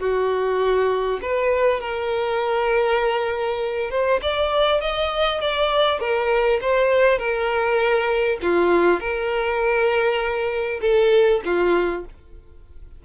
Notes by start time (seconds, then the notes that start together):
0.00 F#4
1.22 B4
1.81 A#4
3.91 C5
4.22 D5
4.81 D#5
5.41 D5
6.00 A#4
6.62 C5
7.19 A#4
8.42 F4
9.00 A#4
10.82 A4
11.45 F4